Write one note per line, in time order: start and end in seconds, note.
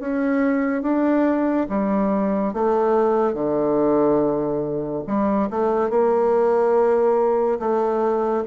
0.00 0.83 C#4
0.83 1.67 D4
1.69 2.54 G3
2.54 3.35 A3
3.35 5.04 D3
5.07 5.50 G3
5.51 5.90 A3
5.90 7.59 A#3
7.60 8.45 A3